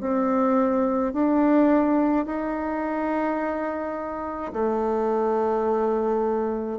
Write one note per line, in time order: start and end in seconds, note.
0.00 1.13 C4
1.13 2.26 D4
2.26 4.52 D#4
4.53 6.79 A3